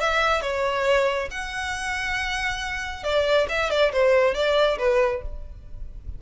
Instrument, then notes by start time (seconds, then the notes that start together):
violin
0.00 E5
0.42 C#5
1.31 F#5
3.04 D5
3.48 E5
3.70 D5
3.92 C5
4.34 D5
4.78 B4